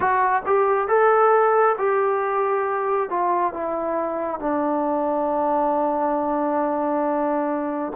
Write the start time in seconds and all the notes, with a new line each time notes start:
0.00 F#4
0.45 G4
0.87 A4
1.78 G4
3.09 F4
3.53 E4
4.39 D4